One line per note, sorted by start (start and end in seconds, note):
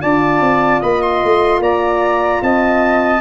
0.00 0.40 D4
0.00 3.20 F4
0.00 0.80 D5
0.00 0.81 A5
0.40 0.80 C4
0.80 1.22 A#3
0.80 1.60 D#5
0.80 1.02 B5
1.02 1.62 C6
1.24 1.59 A3
1.59 2.39 A#3
1.59 2.41 D5
1.59 2.43 A#5
2.42 3.20 C4
2.42 3.20 D#5
2.42 3.20 A5